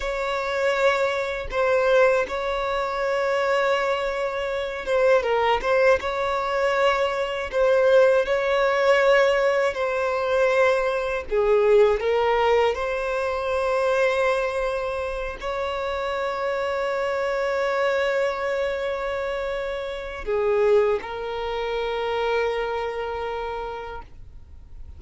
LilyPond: \new Staff \with { instrumentName = "violin" } { \time 4/4 \tempo 4 = 80 cis''2 c''4 cis''4~ | cis''2~ cis''8 c''8 ais'8 c''8 | cis''2 c''4 cis''4~ | cis''4 c''2 gis'4 |
ais'4 c''2.~ | c''8 cis''2.~ cis''8~ | cis''2. gis'4 | ais'1 | }